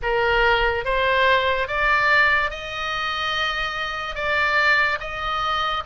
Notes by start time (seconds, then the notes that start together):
0.02 A#4
0.84 C5
1.67 D5
2.50 D#5
4.15 D5
5.00 D#5